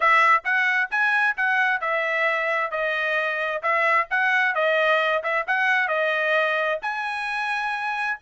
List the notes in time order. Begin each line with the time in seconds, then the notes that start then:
0.00 E5
0.44 F#5
0.90 G#5
1.36 F#5
1.81 E5
2.71 D#5
3.62 E5
4.10 F#5
4.54 D#5
5.23 E5
5.47 F#5
5.88 D#5
6.82 G#5